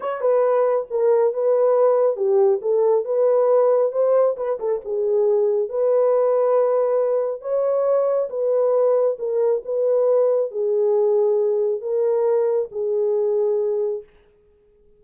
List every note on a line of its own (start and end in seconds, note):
0.00 0.21 C#5
0.21 0.86 B4
0.90 1.33 A#4
1.33 2.16 B4
2.16 2.60 G4
2.61 3.04 A4
3.04 3.92 B4
3.92 4.35 C5
4.37 4.58 B4
4.59 4.81 A4
4.85 5.69 G#4
5.69 7.41 B4
7.41 8.28 C#5
8.29 9.17 B4
9.18 9.62 A#4
9.64 10.51 B4
10.51 11.81 G#4
11.81 12.68 A#4
12.71 14.03 G#4